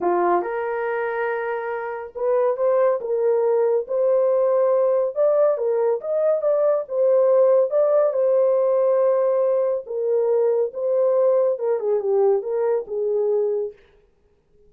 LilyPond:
\new Staff \with { instrumentName = "horn" } { \time 4/4 \tempo 4 = 140 f'4 ais'2.~ | ais'4 b'4 c''4 ais'4~ | ais'4 c''2. | d''4 ais'4 dis''4 d''4 |
c''2 d''4 c''4~ | c''2. ais'4~ | ais'4 c''2 ais'8 gis'8 | g'4 ais'4 gis'2 | }